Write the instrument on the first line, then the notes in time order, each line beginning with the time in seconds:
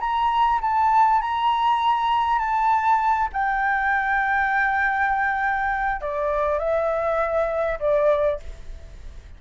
flute
0.00 A#5
0.61 A5
1.21 A#5
2.39 A5
3.32 G5
6.01 D5
6.59 E5
7.80 D5